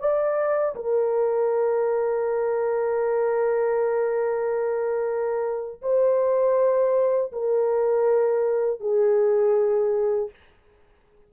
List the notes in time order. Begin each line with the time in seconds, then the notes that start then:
0.00 D5
0.75 A#4
5.82 C5
7.32 A#4
8.80 G#4